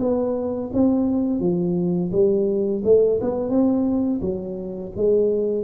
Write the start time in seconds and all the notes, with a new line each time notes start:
0.00 B3
0.73 C4
1.40 F3
2.12 G3
2.84 A3
3.21 B3
3.49 C4
4.21 F#3
4.96 G#3